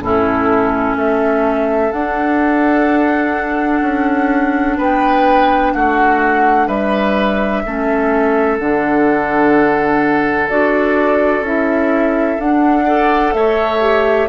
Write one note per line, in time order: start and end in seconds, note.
0.00 0.95 A2
0.00 1.92 C#4
0.00 0.97 E4
0.00 0.96 A4
0.96 1.92 A3
0.96 4.77 A4
0.96 1.92 E5
1.92 3.82 D4
1.92 7.65 D4
1.92 4.78 F#5
3.82 4.77 C#4
4.77 5.74 B3
4.77 5.72 B4
4.77 5.73 G5
5.73 6.68 A3
5.73 6.67 F#4
5.73 6.68 F#5
6.67 7.63 G3
6.67 7.63 B4
6.67 8.58 E5
7.66 8.59 A3
7.66 8.60 C#4
7.66 12.85 A4
8.59 10.50 D3
8.59 10.49 D4
8.59 10.49 F#5
10.49 11.41 D4
10.49 11.45 F#4
10.49 11.45 D5
11.41 12.36 C#4
11.41 12.39 E4
11.41 12.41 E5
12.39 12.87 D4
12.39 13.34 D4
12.39 13.34 F#5
12.85 13.81 A4
12.85 13.33 D5
13.34 14.29 A3
13.34 14.29 C#5
13.34 14.29 E5
13.81 14.28 G4